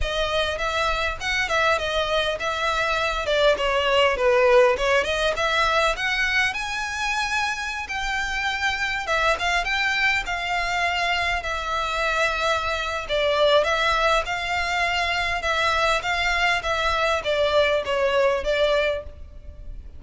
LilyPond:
\new Staff \with { instrumentName = "violin" } { \time 4/4 \tempo 4 = 101 dis''4 e''4 fis''8 e''8 dis''4 | e''4. d''8 cis''4 b'4 | cis''8 dis''8 e''4 fis''4 gis''4~ | gis''4~ gis''16 g''2 e''8 f''16~ |
f''16 g''4 f''2 e''8.~ | e''2 d''4 e''4 | f''2 e''4 f''4 | e''4 d''4 cis''4 d''4 | }